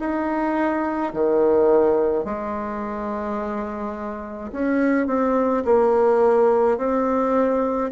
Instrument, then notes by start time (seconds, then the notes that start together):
bassoon
0.00 D#4
1.14 D#3
2.25 G#3
4.52 C#4
5.07 C4
5.65 A#3
6.78 C4